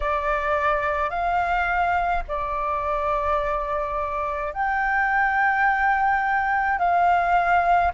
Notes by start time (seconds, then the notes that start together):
0.00 D5
1.10 F5
2.27 D5
4.53 G5
6.78 F5